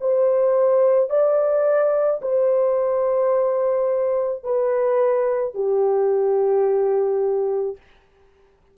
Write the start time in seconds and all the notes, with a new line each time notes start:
0.00 C5
1.10 D5
2.22 C5
4.43 B4
5.54 G4